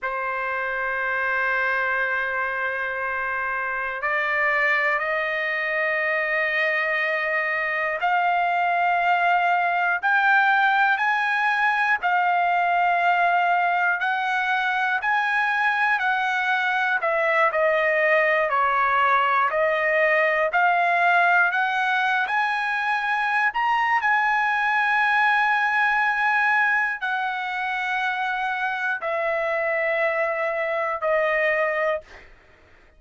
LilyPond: \new Staff \with { instrumentName = "trumpet" } { \time 4/4 \tempo 4 = 60 c''1 | d''4 dis''2. | f''2 g''4 gis''4 | f''2 fis''4 gis''4 |
fis''4 e''8 dis''4 cis''4 dis''8~ | dis''8 f''4 fis''8. gis''4~ gis''16 ais''8 | gis''2. fis''4~ | fis''4 e''2 dis''4 | }